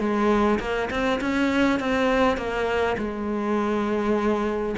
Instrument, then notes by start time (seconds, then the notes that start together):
cello
0.00 G#3
0.60 A#3
0.91 C4
1.21 C#4
1.80 C4
2.37 A#3
2.98 G#3